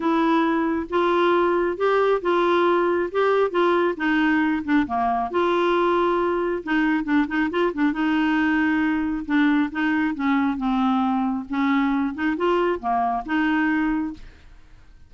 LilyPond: \new Staff \with { instrumentName = "clarinet" } { \time 4/4 \tempo 4 = 136 e'2 f'2 | g'4 f'2 g'4 | f'4 dis'4. d'8 ais4 | f'2. dis'4 |
d'8 dis'8 f'8 d'8 dis'2~ | dis'4 d'4 dis'4 cis'4 | c'2 cis'4. dis'8 | f'4 ais4 dis'2 | }